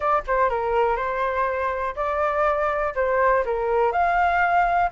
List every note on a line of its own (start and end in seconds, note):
0.00 0.22 D5
0.27 0.49 C5
0.49 0.96 A#4
0.96 1.94 C5
1.95 2.94 D5
2.95 3.44 C5
3.45 3.91 A#4
3.91 4.90 F5